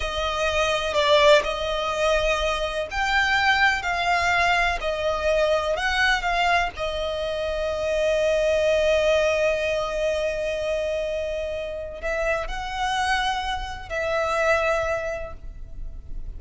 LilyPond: \new Staff \with { instrumentName = "violin" } { \time 4/4 \tempo 4 = 125 dis''2 d''4 dis''4~ | dis''2 g''2 | f''2 dis''2 | fis''4 f''4 dis''2~ |
dis''1~ | dis''1~ | dis''4 e''4 fis''2~ | fis''4 e''2. | }